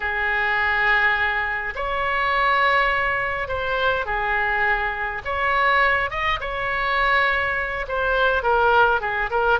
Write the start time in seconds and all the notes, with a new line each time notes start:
0.00 G#4
1.75 C#5
3.48 C5
4.05 G#4
5.24 C#5
6.10 D#5
6.40 C#5
7.87 C5
8.42 A#4
9.01 G#4
9.30 A#4